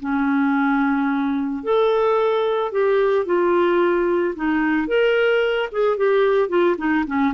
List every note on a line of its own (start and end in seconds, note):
0.00 1.63 C#4
1.63 2.72 A4
2.72 3.25 G4
3.25 4.34 F4
4.35 4.87 D#4
4.87 5.69 A#4
5.72 5.97 G#4
5.97 6.49 G4
6.49 6.76 F4
6.77 7.05 D#4
7.07 7.34 C#4